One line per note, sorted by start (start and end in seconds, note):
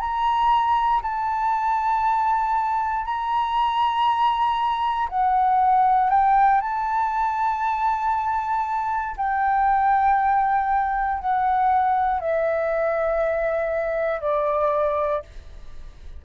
0.00 1.02 A#5
1.03 3.05 A5
3.05 5.08 A#5
5.09 6.10 F#5
6.10 6.61 G5
6.61 9.16 A5
9.17 11.20 G5
11.20 12.20 F#5
12.20 14.21 E5
14.21 15.23 D5